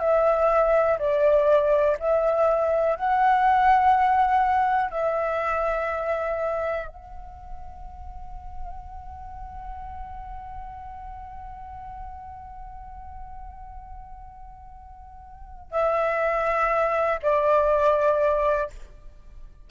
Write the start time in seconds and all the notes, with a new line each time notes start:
0.00 E5
0.99 D5
2.00 E5
2.96 F#5
4.91 E5
6.88 F#5
15.72 E5
17.23 D5